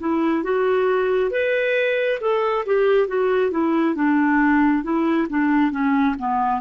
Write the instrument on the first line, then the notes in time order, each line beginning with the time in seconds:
clarinet
0.00 E4
0.44 F#4
1.31 B4
2.21 A4
2.66 G4
3.08 F#4
3.51 E4
3.95 D4
4.84 E4
5.30 D4
5.72 C#4
6.19 B3